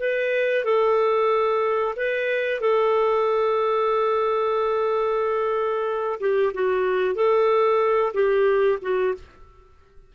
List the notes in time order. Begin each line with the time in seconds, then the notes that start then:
0.00 B4
0.65 A4
1.97 B4
2.61 A4
6.20 G4
6.54 F#4
7.15 A4
8.14 G4
8.82 F#4